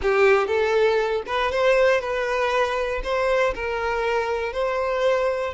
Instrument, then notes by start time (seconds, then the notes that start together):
violin
0.02 G4
0.47 A4
1.26 B4
1.51 C5
2.00 B4
3.03 C5
3.54 A#4
4.52 C5